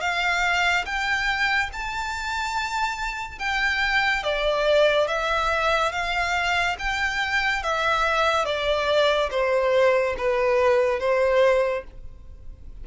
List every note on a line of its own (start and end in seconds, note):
0.00 0.85 F5
0.85 1.70 G5
1.72 3.38 A5
3.38 4.23 G5
4.23 5.07 D5
5.07 5.92 E5
5.92 6.76 F5
6.78 7.62 G5
7.62 8.45 E5
8.45 9.29 D5
9.31 10.15 C5
10.18 10.99 B4
10.99 11.84 C5